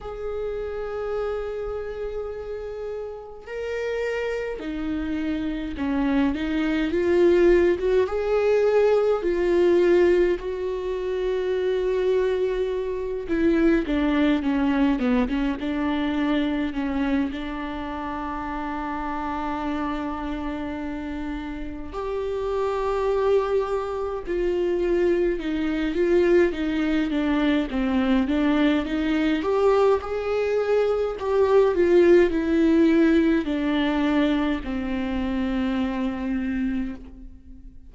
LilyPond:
\new Staff \with { instrumentName = "viola" } { \time 4/4 \tempo 4 = 52 gis'2. ais'4 | dis'4 cis'8 dis'8 f'8. fis'16 gis'4 | f'4 fis'2~ fis'8 e'8 | d'8 cis'8 b16 cis'16 d'4 cis'8 d'4~ |
d'2. g'4~ | g'4 f'4 dis'8 f'8 dis'8 d'8 | c'8 d'8 dis'8 g'8 gis'4 g'8 f'8 | e'4 d'4 c'2 | }